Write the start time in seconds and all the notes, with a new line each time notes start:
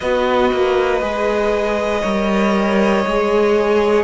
0.00 B3 F#4 B4 D#5
0.52 A#3
1.01 G#3 G#4
2.01 G3 A#4 C#5
3.06 G#3 G#4